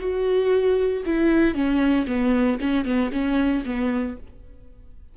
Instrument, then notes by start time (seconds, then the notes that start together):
viola
0.00 F#4
1.06 E4
1.54 C#4
2.07 B3
2.61 C#4
2.85 B3
3.12 C#4
3.65 B3